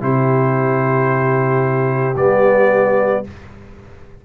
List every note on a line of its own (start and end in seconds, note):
0.00 2.15 C3
0.00 2.14 E4
0.00 3.25 G4
0.00 2.17 C5
2.16 3.23 G3
2.16 3.24 B3
2.16 3.24 D5